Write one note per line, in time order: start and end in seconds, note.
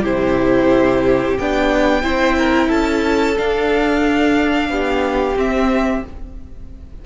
0.00 1.37 C3
0.00 1.37 E4
0.00 2.00 G4
0.00 1.38 C5
1.38 2.02 B3
1.38 2.02 D4
1.38 2.71 G5
2.02 2.69 C4
2.02 3.35 E4
2.02 2.37 C5
2.37 2.68 A#4
2.68 3.37 C#4
2.68 4.68 A4
2.68 3.37 A5
3.37 5.36 D4
3.37 4.69 D4
3.37 5.37 F5
4.69 5.35 B3
4.69 6.04 G4
5.36 6.02 C4
5.36 6.03 C4
5.36 6.05 E5